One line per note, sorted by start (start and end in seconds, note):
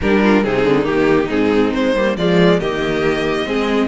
0.01 0.45 G3
0.01 0.44 D4
0.01 0.22 G4
0.01 0.43 A#4
0.22 0.44 F4
0.43 0.64 C3
0.43 0.83 C4
0.43 2.16 D#4
0.43 0.85 G#4
0.64 0.85 D3
0.83 1.28 D#3
0.83 1.26 A#3
0.83 1.28 G4
1.30 1.73 G#2
1.30 1.94 C4
1.30 1.73 G#4
1.73 1.95 G#3
1.73 2.16 C5
1.95 2.16 G3
1.95 2.17 A#3
2.16 2.59 F3
2.16 2.61 G#3
2.16 2.59 F4
2.16 2.60 D5
2.59 3.45 D#3
2.59 3.45 A#3
2.59 3.46 G4
2.59 3.87 D#5
3.45 3.87 G#3
3.45 3.87 C4
3.45 3.87 G#4